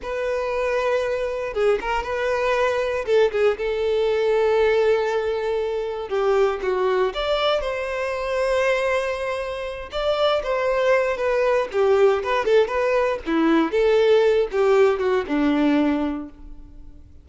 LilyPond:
\new Staff \with { instrumentName = "violin" } { \time 4/4 \tempo 4 = 118 b'2. gis'8 ais'8 | b'2 a'8 gis'8 a'4~ | a'1 | g'4 fis'4 d''4 c''4~ |
c''2.~ c''8 d''8~ | d''8 c''4. b'4 g'4 | b'8 a'8 b'4 e'4 a'4~ | a'8 g'4 fis'8 d'2 | }